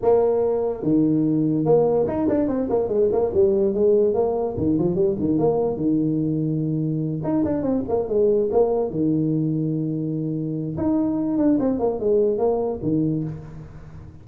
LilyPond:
\new Staff \with { instrumentName = "tuba" } { \time 4/4 \tempo 4 = 145 ais2 dis2 | ais4 dis'8 d'8 c'8 ais8 gis8 ais8 | g4 gis4 ais4 dis8 f8 | g8 dis8 ais4 dis2~ |
dis4. dis'8 d'8 c'8 ais8 gis8~ | gis8 ais4 dis2~ dis8~ | dis2 dis'4. d'8 | c'8 ais8 gis4 ais4 dis4 | }